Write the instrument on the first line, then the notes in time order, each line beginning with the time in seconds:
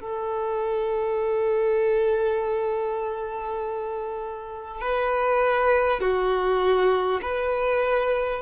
violin
0.00 A4
4.81 B4
6.00 F#4
7.22 B4